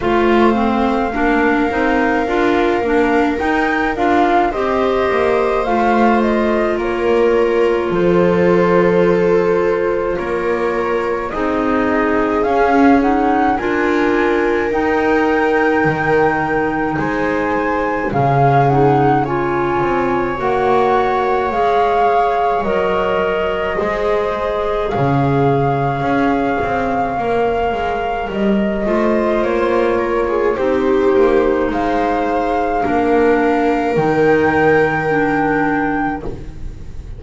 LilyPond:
<<
  \new Staff \with { instrumentName = "flute" } { \time 4/4 \tempo 4 = 53 f''2. g''8 f''8 | dis''4 f''8 dis''8 cis''4 c''4~ | c''4 cis''4 dis''4 f''8 fis''8 | gis''4 g''2 gis''4 |
f''8 fis''8 gis''4 fis''4 f''4 | dis''2 f''2~ | f''4 dis''4 cis''4 c''4 | f''2 g''2 | }
  \new Staff \with { instrumentName = "viola" } { \time 4/4 c''4 ais'2. | c''2 ais'4 a'4~ | a'4 ais'4 gis'2 | ais'2. c''4 |
gis'4 cis''2.~ | cis''4 c''4 cis''2~ | cis''4. c''4 ais'16 gis'16 g'4 | c''4 ais'2. | }
  \new Staff \with { instrumentName = "clarinet" } { \time 4/4 f'8 c'8 d'8 dis'8 f'8 d'8 dis'8 f'8 | g'4 f'2.~ | f'2 dis'4 cis'8 dis'8 | f'4 dis'2. |
cis'8 dis'8 f'4 fis'4 gis'4 | ais'4 gis'2. | ais'4. f'4. dis'4~ | dis'4 d'4 dis'4 d'4 | }
  \new Staff \with { instrumentName = "double bass" } { \time 4/4 a4 ais8 c'8 d'8 ais8 dis'8 d'8 | c'8 ais8 a4 ais4 f4~ | f4 ais4 c'4 cis'4 | d'4 dis'4 dis4 gis4 |
cis4. c'8 ais4 gis4 | fis4 gis4 cis4 cis'8 c'8 | ais8 gis8 g8 a8 ais4 c'8 ais8 | gis4 ais4 dis2 | }
>>